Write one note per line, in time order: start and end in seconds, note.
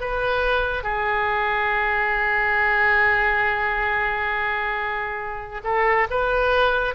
0.00 0.83 B4
0.83 5.61 G#4
5.64 6.07 A4
6.10 6.94 B4